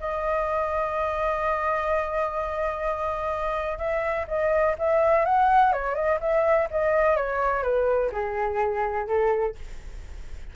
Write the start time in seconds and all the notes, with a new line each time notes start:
0.00 D#5
3.78 E5
4.28 D#5
4.78 E5
5.25 F#5
5.73 C#5
5.95 D#5
6.20 E5
6.71 D#5
7.17 C#5
7.63 B4
8.12 G#4
9.07 A4